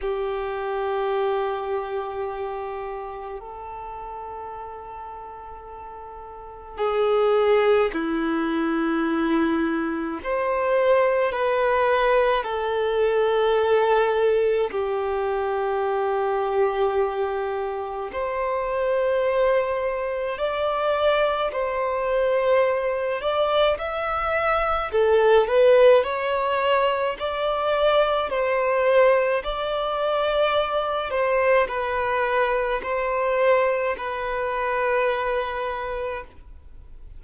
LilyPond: \new Staff \with { instrumentName = "violin" } { \time 4/4 \tempo 4 = 53 g'2. a'4~ | a'2 gis'4 e'4~ | e'4 c''4 b'4 a'4~ | a'4 g'2. |
c''2 d''4 c''4~ | c''8 d''8 e''4 a'8 b'8 cis''4 | d''4 c''4 d''4. c''8 | b'4 c''4 b'2 | }